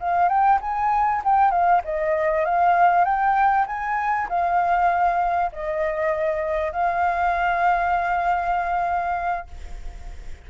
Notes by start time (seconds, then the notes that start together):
0.00 F5
0.29 G5
0.61 G#5
1.25 G5
1.51 F5
1.85 D#5
2.45 F5
3.05 G5
3.67 G#5
4.29 F5
5.52 D#5
6.72 F5